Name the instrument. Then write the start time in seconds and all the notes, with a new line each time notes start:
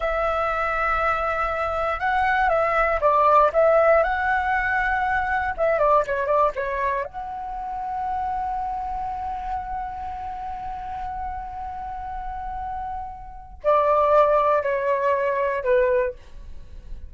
flute
0.00 E5
1.99 F#5
2.49 E5
3.00 D5
3.53 E5
4.03 F#5
5.57 E5
5.78 D5
6.06 C#5
6.26 D5
6.55 C#5
7.04 F#5
13.63 D5
14.62 C#5
15.63 B4